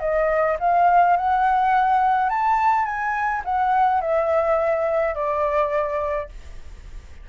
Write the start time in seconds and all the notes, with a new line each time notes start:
0.00 D#5
0.59 F5
1.17 F#5
2.30 A5
2.85 G#5
3.45 F#5
4.01 E5
5.15 D5